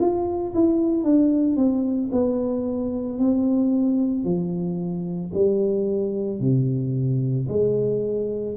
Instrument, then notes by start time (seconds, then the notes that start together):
tuba
0.00 F4
0.55 E4
1.03 D4
1.56 C4
2.12 B3
3.18 C4
4.24 F3
5.34 G3
6.40 C3
7.48 G#3